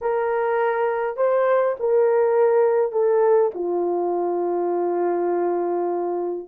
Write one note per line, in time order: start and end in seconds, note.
0.01 1.17 A#4
1.17 1.75 C5
1.79 2.92 A#4
2.92 3.51 A4
3.54 6.48 F4